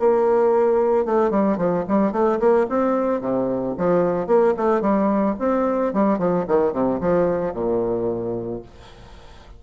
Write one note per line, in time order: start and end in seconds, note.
0.00 1.06 A#3
1.06 1.31 A3
1.31 1.57 G3
1.57 1.85 F3
1.88 2.13 G3
2.13 2.40 A3
2.40 2.67 A#3
2.70 3.21 C4
3.21 3.75 C3
3.78 4.28 F3
4.28 4.55 A#3
4.57 4.82 A3
4.82 5.36 G3
5.40 5.94 C4
5.94 6.19 G3
6.19 6.46 F3
6.48 6.73 D#3
6.73 7.00 C3
7.01 7.54 F3
7.54 8.62 A#2